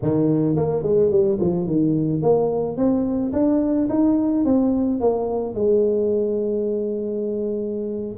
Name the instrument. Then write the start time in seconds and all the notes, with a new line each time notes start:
tuba
0.02 D#3
0.56 A#3
0.83 G#3
1.10 G3
1.40 F3
1.66 D#3
2.22 A#3
2.76 C4
3.32 D4
3.89 D#4
4.44 C4
5.00 A#3
5.54 G#3